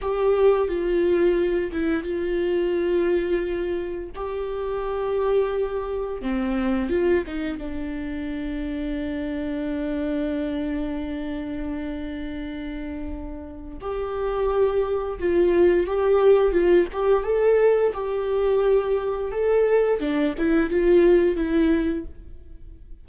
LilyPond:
\new Staff \with { instrumentName = "viola" } { \time 4/4 \tempo 4 = 87 g'4 f'4. e'8 f'4~ | f'2 g'2~ | g'4 c'4 f'8 dis'8 d'4~ | d'1~ |
d'1 | g'2 f'4 g'4 | f'8 g'8 a'4 g'2 | a'4 d'8 e'8 f'4 e'4 | }